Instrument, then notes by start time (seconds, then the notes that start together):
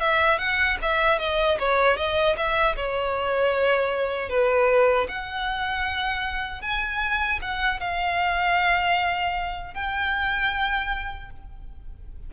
violin
0.00 E5
0.39 F#5
0.82 E5
1.19 D#5
1.59 C#5
1.97 D#5
2.37 E5
2.76 C#5
4.29 B4
5.08 F#5
6.62 G#5
7.42 F#5
7.80 F5
9.74 G5